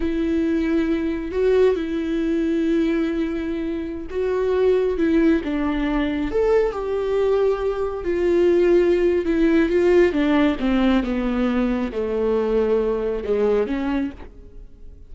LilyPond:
\new Staff \with { instrumentName = "viola" } { \time 4/4 \tempo 4 = 136 e'2. fis'4 | e'1~ | e'4~ e'16 fis'2 e'8.~ | e'16 d'2 a'4 g'8.~ |
g'2~ g'16 f'4.~ f'16~ | f'4 e'4 f'4 d'4 | c'4 b2 a4~ | a2 gis4 cis'4 | }